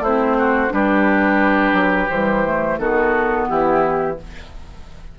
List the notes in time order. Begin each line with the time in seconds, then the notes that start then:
0.00 A3 C4 E4 C5
0.39 F#4
0.70 G3 D4 G4 B4
1.73 F#3
2.09 E3 G3 C5
2.45 A3
2.79 D#3 B3 F#4 A4
3.49 E3 E4 G4